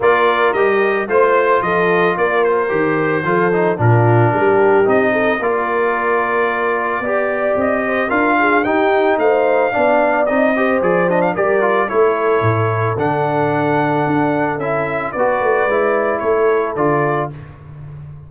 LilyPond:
<<
  \new Staff \with { instrumentName = "trumpet" } { \time 4/4 \tempo 4 = 111 d''4 dis''4 c''4 dis''4 | d''8 c''2~ c''8 ais'4~ | ais'4 dis''4 d''2~ | d''2 dis''4 f''4 |
g''4 f''2 dis''4 | d''8 dis''16 f''16 d''4 cis''2 | fis''2. e''4 | d''2 cis''4 d''4 | }
  \new Staff \with { instrumentName = "horn" } { \time 4/4 ais'2 c''4 a'4 | ais'2 a'4 f'4 | g'4. a'8 ais'2~ | ais'4 d''4. c''8 ais'8 gis'8 |
g'4 c''4 d''4. c''8~ | c''4 ais'4 a'2~ | a'1 | b'2 a'2 | }
  \new Staff \with { instrumentName = "trombone" } { \time 4/4 f'4 g'4 f'2~ | f'4 g'4 f'8 dis'8 d'4~ | d'4 dis'4 f'2~ | f'4 g'2 f'4 |
dis'2 d'4 dis'8 g'8 | gis'8 d'8 g'8 f'8 e'2 | d'2. e'4 | fis'4 e'2 f'4 | }
  \new Staff \with { instrumentName = "tuba" } { \time 4/4 ais4 g4 a4 f4 | ais4 dis4 f4 ais,4 | g4 c'4 ais2~ | ais4 b4 c'4 d'4 |
dis'4 a4 b4 c'4 | f4 g4 a4 a,4 | d2 d'4 cis'4 | b8 a8 gis4 a4 d4 | }
>>